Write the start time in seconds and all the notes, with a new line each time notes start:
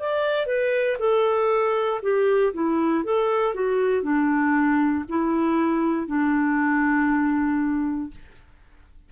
0.00 D5
0.47 B4
1.00 A4
2.02 G4
2.54 E4
3.05 A4
3.55 F#4
4.03 D4
5.09 E4
6.08 D4